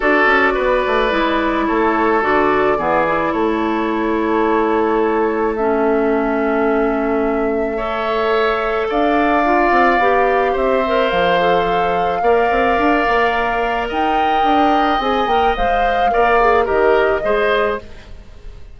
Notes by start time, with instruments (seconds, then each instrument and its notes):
0.00 bassoon D4, clarinet F#4, oboe A4, flute D5
0.26 bassoon C#4
0.54 bassoon B3, oboe B4
0.86 bassoon A3
1.10 bassoon G#3, clarinet E4
1.67 bassoon A3, oboe A4, flute C#5
2.21 bassoon D3, clarinet F#4, flute D5
2.77 bassoon E3, clarinet B3, oboe G#4
3.06 clarinet E4
3.32 bassoon A3, oboe A4, flute C#5
5.55 clarinet C#4, flute E5
7.76 clarinet A4, oboe C#5
8.88 bassoon D4, oboe D5, flute F5
9.44 clarinet F4
9.71 bassoon C4
9.98 bassoon B3, clarinet G4
10.52 bassoon C4, oboe C5, flute E5
10.86 clarinet A#4
11.09 bassoon F3, flute F5
11.40 clarinet A4
12.21 bassoon A#3, clarinet A#4, oboe D5
12.50 bassoon C4
12.78 bassoon D4
13.07 bassoon A#3
13.88 bassoon D#4, oboe D#5, flute G5
14.43 bassoon D4
14.99 bassoon C4, clarinet G#4, flute G#5
15.26 bassoon A#3, clarinet A#4, flute G5
15.56 bassoon G#3, clarinet C5, flute F5
16.10 bassoon A#3, clarinet A#4, oboe D5
16.40 clarinet G#4
16.64 bassoon D#3, clarinet G4, oboe A#4, flute D#5
17.22 bassoon G#3, clarinet G#4, oboe C5